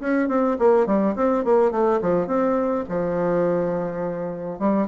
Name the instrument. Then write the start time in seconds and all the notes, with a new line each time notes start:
bassoon
0.00 C#4
0.28 C4
0.59 A#3
0.87 G3
1.16 C4
1.44 A#3
1.71 A3
2.02 F3
2.27 C4
2.89 F3
4.59 G3